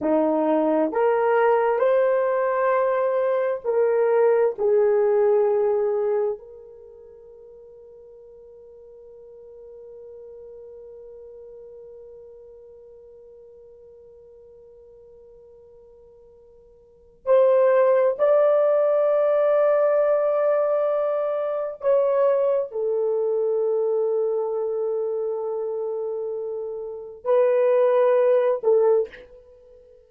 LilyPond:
\new Staff \with { instrumentName = "horn" } { \time 4/4 \tempo 4 = 66 dis'4 ais'4 c''2 | ais'4 gis'2 ais'4~ | ais'1~ | ais'1~ |
ais'2. c''4 | d''1 | cis''4 a'2.~ | a'2 b'4. a'8 | }